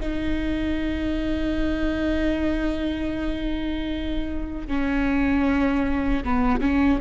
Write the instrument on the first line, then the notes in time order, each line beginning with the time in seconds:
viola
0.00 D#4
4.68 C#4
6.24 B3
6.61 C#4